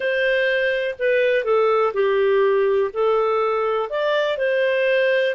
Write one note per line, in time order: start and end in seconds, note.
0.00 0.95 C5
0.98 1.44 B4
1.44 1.93 A4
1.93 2.91 G4
2.93 3.89 A4
3.89 4.37 D5
4.37 5.35 C5